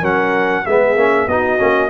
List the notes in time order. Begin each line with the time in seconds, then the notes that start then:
0.00 F#3 C#4 A#4 F#5
0.65 G#3 B3 G#4 E5
0.95 A#3 C#4
1.27 B3 D#4 F#4 D#5
1.58 A#3 C#4